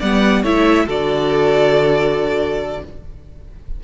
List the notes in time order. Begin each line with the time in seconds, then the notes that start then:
0.00 G3 B3 D5 F#5
0.43 A3 E4 C#5 E5
0.87 D3 F#4 A4 D5